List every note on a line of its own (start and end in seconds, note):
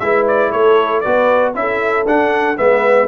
0.00 0.53 G#3
0.00 1.05 E4
0.00 0.51 B4
0.00 0.26 E5
0.28 0.52 D5
0.51 1.04 A3
0.51 1.02 A4
0.51 1.01 C#5
1.01 1.55 B3
1.01 1.55 F#4
1.01 1.53 B4
1.01 1.52 D5
1.55 2.06 C#4
1.55 2.06 E4
1.55 2.60 A4
1.55 2.07 E5
2.06 2.58 D4
2.06 2.57 D4
2.06 2.58 F#5
2.57 3.09 G#3
2.57 3.08 B3
2.57 3.09 B4
2.57 3.09 E5